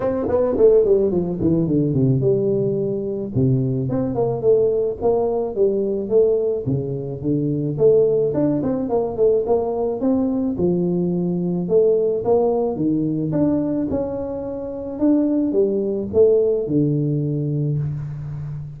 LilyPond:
\new Staff \with { instrumentName = "tuba" } { \time 4/4 \tempo 4 = 108 c'8 b8 a8 g8 f8 e8 d8 c8 | g2 c4 c'8 ais8 | a4 ais4 g4 a4 | cis4 d4 a4 d'8 c'8 |
ais8 a8 ais4 c'4 f4~ | f4 a4 ais4 dis4 | d'4 cis'2 d'4 | g4 a4 d2 | }